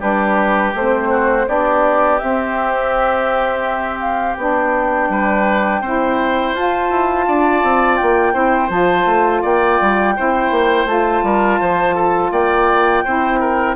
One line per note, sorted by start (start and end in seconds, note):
0.00 0.73 G3
0.00 0.73 D4
0.00 1.08 G4
0.00 0.74 B4
0.74 1.47 A3
0.74 1.47 C4
0.74 1.49 C5
1.10 1.46 F#4
1.47 2.20 B3
1.47 2.19 D4
1.47 5.10 G4
1.47 2.19 D5
2.19 4.37 C4
2.19 4.00 E5
4.00 4.36 F5
4.37 5.09 B3
4.37 5.83 D4
4.37 6.56 G5
5.09 5.81 G3
5.09 5.81 B4
5.81 6.53 C4
5.81 6.56 E4
5.81 7.26 C5
6.53 6.89 F4
6.53 8.33 F4
6.53 7.97 A5
6.90 7.26 E4
7.28 7.63 D4
7.28 8.34 D5
7.63 7.99 C4
7.97 8.34 A#3
7.97 8.69 G5
8.33 8.69 C4
8.33 8.69 E4
8.33 9.42 C5
8.69 9.06 F3
8.69 10.15 F4
8.69 9.43 A5
9.06 9.42 A3
9.42 9.80 A#3
9.42 10.14 D5
9.42 10.87 G5
9.81 10.17 G3
10.16 10.51 C4
10.16 10.87 E4
10.16 11.25 C5
10.51 10.85 A#3
10.85 11.21 A3
10.85 13.04 F4
10.85 12.32 A5
11.23 11.59 G3
11.23 11.60 A#4
11.60 12.31 F3
11.60 11.95 C5
11.95 12.31 A4
12.31 13.04 A#3
12.31 13.04 D5
12.31 13.76 G5
13.04 13.76 C4
13.04 13.76 E4
13.04 13.40 C5
13.40 13.76 A#4